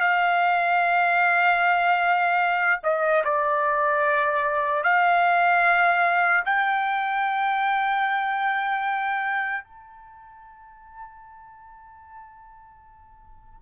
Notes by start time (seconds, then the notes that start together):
0.00 F5
2.83 D#5
3.24 D5
4.83 F5
6.45 G5
9.64 A5